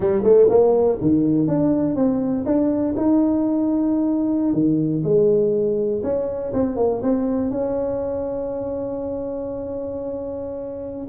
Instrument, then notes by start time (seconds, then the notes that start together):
tuba
0.00 G3
0.23 A3
0.49 A#3
1.01 D#3
1.47 D4
1.95 C4
2.45 D4
2.96 D#4
4.53 D#3
5.03 G#3
6.03 C#4
6.53 C4
6.76 A#3
7.02 C4
7.50 C#4